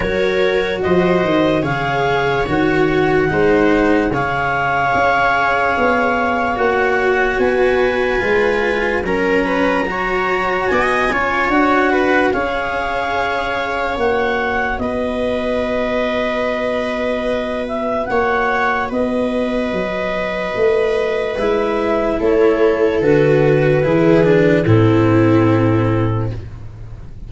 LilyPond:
<<
  \new Staff \with { instrumentName = "clarinet" } { \time 4/4 \tempo 4 = 73 cis''4 dis''4 f''4 fis''4~ | fis''4 f''2. | fis''4 gis''2 ais''4~ | ais''4 gis''4 fis''4 f''4~ |
f''4 fis''4 dis''2~ | dis''4. e''8 fis''4 dis''4~ | dis''2 e''4 cis''4 | b'2 a'2 | }
  \new Staff \with { instrumentName = "viola" } { \time 4/4 ais'4 c''4 cis''2 | c''4 cis''2.~ | cis''4 b'2 ais'8 b'8 | cis''4 dis''8 cis''4 b'8 cis''4~ |
cis''2 b'2~ | b'2 cis''4 b'4~ | b'2. a'4~ | a'4 gis'4 e'2 | }
  \new Staff \with { instrumentName = "cello" } { \time 4/4 fis'2 gis'4 fis'4 | dis'4 gis'2. | fis'2 f'4 cis'4 | fis'4. f'8 fis'4 gis'4~ |
gis'4 fis'2.~ | fis'1~ | fis'2 e'2 | fis'4 e'8 d'8 c'2 | }
  \new Staff \with { instrumentName = "tuba" } { \time 4/4 fis4 f8 dis8 cis4 dis4 | gis4 cis4 cis'4 b4 | ais4 b4 gis4 fis4~ | fis4 b8 cis'8 d'4 cis'4~ |
cis'4 ais4 b2~ | b2 ais4 b4 | fis4 a4 gis4 a4 | d4 e4 a,2 | }
>>